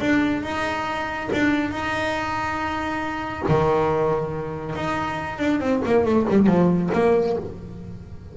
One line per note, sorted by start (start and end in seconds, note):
0.00 0.43 D4
0.43 1.29 D#4
1.33 1.71 D4
1.71 3.44 D#4
3.48 4.75 D#3
4.75 5.38 D#4
5.38 5.60 D4
5.60 5.82 C4
5.85 6.05 A#3
6.05 6.26 A3
6.29 6.46 G3
6.46 6.90 F3
6.93 7.37 A#3